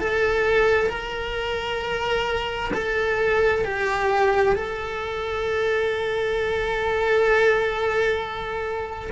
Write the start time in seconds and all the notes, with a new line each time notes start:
0.00 A4
0.90 A#4
2.74 A4
3.65 G4
4.56 A4